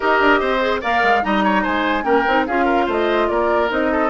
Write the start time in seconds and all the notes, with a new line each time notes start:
0.00 D#4 G4 A#4 D#5
0.20 D4
0.40 C4 C5
0.60 G#4
0.80 A#3 A#4 D5 F5
1.02 G#3
1.22 G3 D#4 D#5 A#5
1.44 C#5
1.62 G#3 C5 G#5
2.03 A#3 C#4 A#4 G5
2.27 C4 D#4
2.46 C#4 F4 G#4 F5
2.64 A#4
2.86 A3 C5 D#5
3.28 A#3 A#4 D5
3.68 C4 D#4 D#5
3.91 A4